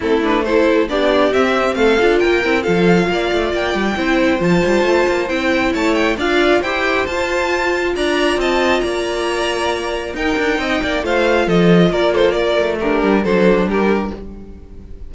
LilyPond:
<<
  \new Staff \with { instrumentName = "violin" } { \time 4/4 \tempo 4 = 136 a'8 b'8 c''4 d''4 e''4 | f''4 g''4 f''2 | g''2 a''2 | g''4 a''8 g''8 f''4 g''4 |
a''2 ais''4 a''4 | ais''2. g''4~ | g''4 f''4 dis''4 d''8 c''8 | d''4 ais'4 c''4 ais'4 | }
  \new Staff \with { instrumentName = "violin" } { \time 4/4 e'4 a'4 g'2 | a'4 ais'4 a'4 d''4~ | d''4 c''2.~ | c''4 cis''4 d''4 c''4~ |
c''2 d''4 dis''4 | d''2. ais'4 | dis''8 d''8 c''4 a'4 ais'8 a'8 | ais'4 d'4 a'4 g'4 | }
  \new Staff \with { instrumentName = "viola" } { \time 4/4 c'8 d'8 e'4 d'4 c'4~ | c'8 f'4 e'8 f'2~ | f'4 e'4 f'2 | e'2 f'4 g'4 |
f'1~ | f'2. dis'4~ | dis'4 f'2.~ | f'4 g'4 d'2 | }
  \new Staff \with { instrumentName = "cello" } { \time 4/4 a2 b4 c'4 | a8 d'8 ais8 c'8 f4 ais8 a8 | ais8 g8 c'4 f8 g8 a8 ais8 | c'4 a4 d'4 e'4 |
f'2 d'4 c'4 | ais2. dis'8 d'8 | c'8 ais8 a4 f4 ais4~ | ais8 a4 g8 fis4 g4 | }
>>